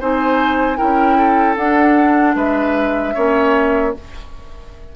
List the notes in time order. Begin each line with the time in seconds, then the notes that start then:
0.00 C4 D#4 C5 G#5
0.77 C#4 E4 A#4 G5
1.18 A4
1.57 D4 F#5
2.35 G#3 B4 E5
3.14 A#3 C#4 C#5